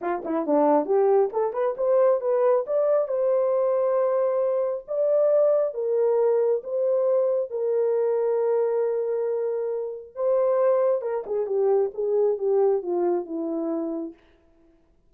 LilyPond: \new Staff \with { instrumentName = "horn" } { \time 4/4 \tempo 4 = 136 f'8 e'8 d'4 g'4 a'8 b'8 | c''4 b'4 d''4 c''4~ | c''2. d''4~ | d''4 ais'2 c''4~ |
c''4 ais'2.~ | ais'2. c''4~ | c''4 ais'8 gis'8 g'4 gis'4 | g'4 f'4 e'2 | }